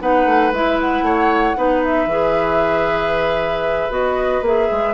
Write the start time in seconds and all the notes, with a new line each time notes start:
0.00 B3 D#4 B4 F#5
0.25 A3
0.52 G#3 E4 E5
0.80 F#5
1.02 A3 C#5
1.56 B3 D#4 B4
1.83 E5
2.06 E3 G#4
3.89 B3 F#4 D#5
4.42 A#3 G#4 E5
4.71 G#3